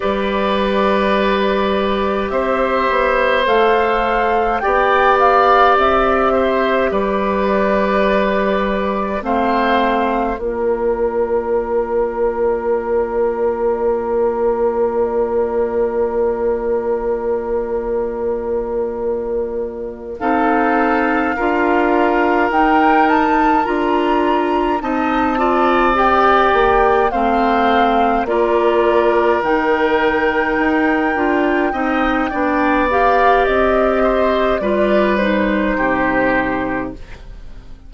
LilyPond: <<
  \new Staff \with { instrumentName = "flute" } { \time 4/4 \tempo 4 = 52 d''2 e''4 f''4 | g''8 f''8 e''4 d''2 | f''4 d''2.~ | d''1~ |
d''4. f''2 g''8 | a''8 ais''4 a''4 g''4 f''8~ | f''8 d''4 g''2~ g''8~ | g''8 f''8 dis''4 d''8 c''4. | }
  \new Staff \with { instrumentName = "oboe" } { \time 4/4 b'2 c''2 | d''4. c''8 b'2 | c''4 ais'2.~ | ais'1~ |
ais'4. a'4 ais'4.~ | ais'4. dis''8 d''4. c''8~ | c''8 ais'2. dis''8 | d''4. c''8 b'4 g'4 | }
  \new Staff \with { instrumentName = "clarinet" } { \time 4/4 g'2. a'4 | g'1 | c'4 f'2.~ | f'1~ |
f'4. dis'4 f'4 dis'8~ | dis'8 f'4 dis'8 f'8 g'4 c'8~ | c'8 f'4 dis'4. f'8 dis'8 | d'8 g'4. f'8 dis'4. | }
  \new Staff \with { instrumentName = "bassoon" } { \time 4/4 g2 c'8 b8 a4 | b4 c'4 g2 | a4 ais2.~ | ais1~ |
ais4. c'4 d'4 dis'8~ | dis'8 d'4 c'4. ais8 a8~ | a8 ais4 dis4 dis'8 d'8 c'8 | b4 c'4 g4 c4 | }
>>